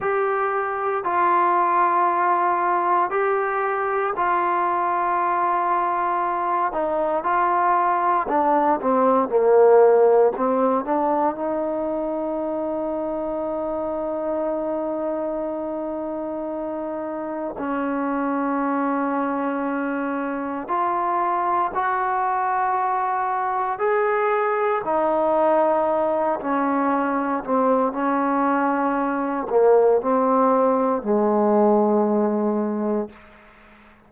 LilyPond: \new Staff \with { instrumentName = "trombone" } { \time 4/4 \tempo 4 = 58 g'4 f'2 g'4 | f'2~ f'8 dis'8 f'4 | d'8 c'8 ais4 c'8 d'8 dis'4~ | dis'1~ |
dis'4 cis'2. | f'4 fis'2 gis'4 | dis'4. cis'4 c'8 cis'4~ | cis'8 ais8 c'4 gis2 | }